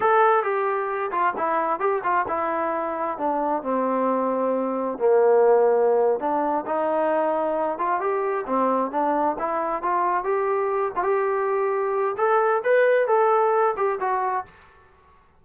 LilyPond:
\new Staff \with { instrumentName = "trombone" } { \time 4/4 \tempo 4 = 133 a'4 g'4. f'8 e'4 | g'8 f'8 e'2 d'4 | c'2. ais4~ | ais4.~ ais16 d'4 dis'4~ dis'16~ |
dis'4~ dis'16 f'8 g'4 c'4 d'16~ | d'8. e'4 f'4 g'4~ g'16~ | g'16 f'16 g'2~ g'8 a'4 | b'4 a'4. g'8 fis'4 | }